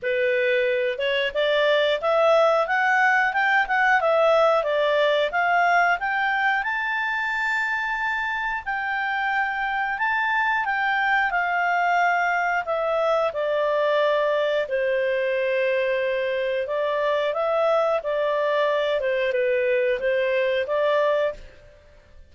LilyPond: \new Staff \with { instrumentName = "clarinet" } { \time 4/4 \tempo 4 = 90 b'4. cis''8 d''4 e''4 | fis''4 g''8 fis''8 e''4 d''4 | f''4 g''4 a''2~ | a''4 g''2 a''4 |
g''4 f''2 e''4 | d''2 c''2~ | c''4 d''4 e''4 d''4~ | d''8 c''8 b'4 c''4 d''4 | }